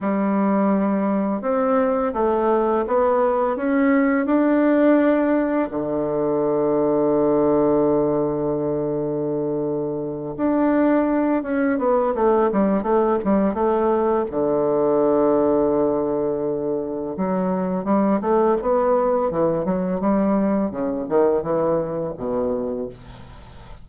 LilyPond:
\new Staff \with { instrumentName = "bassoon" } { \time 4/4 \tempo 4 = 84 g2 c'4 a4 | b4 cis'4 d'2 | d1~ | d2~ d8 d'4. |
cis'8 b8 a8 g8 a8 g8 a4 | d1 | fis4 g8 a8 b4 e8 fis8 | g4 cis8 dis8 e4 b,4 | }